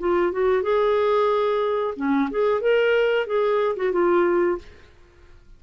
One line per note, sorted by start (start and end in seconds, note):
0.00 0.33 F4
0.33 0.63 F#4
0.63 1.95 G#4
1.97 2.30 C#4
2.31 2.62 G#4
2.62 3.27 A#4
3.27 3.76 G#4
3.77 3.93 F#4
3.93 4.59 F4